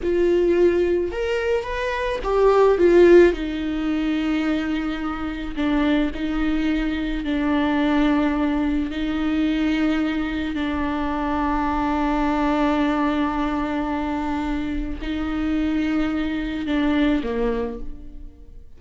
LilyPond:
\new Staff \with { instrumentName = "viola" } { \time 4/4 \tempo 4 = 108 f'2 ais'4 b'4 | g'4 f'4 dis'2~ | dis'2 d'4 dis'4~ | dis'4 d'2. |
dis'2. d'4~ | d'1~ | d'2. dis'4~ | dis'2 d'4 ais4 | }